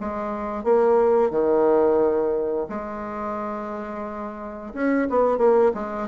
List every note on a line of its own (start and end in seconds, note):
0.00 0.64 G#3
0.64 1.30 A#3
1.30 2.67 D#3
2.69 4.73 G#3
4.74 5.08 C#4
5.09 5.38 B3
5.38 5.72 A#3
5.74 6.08 G#3